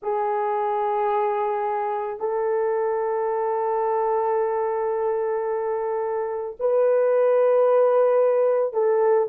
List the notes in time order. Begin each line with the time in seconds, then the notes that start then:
0.02 G#4
2.19 A4
6.60 B4
8.73 A4